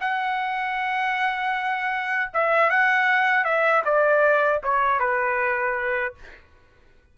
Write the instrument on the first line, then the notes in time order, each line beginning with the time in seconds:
trumpet
0.00 F#5
2.34 E5
2.70 F#5
3.44 E5
3.85 D5
4.63 C#5
4.99 B4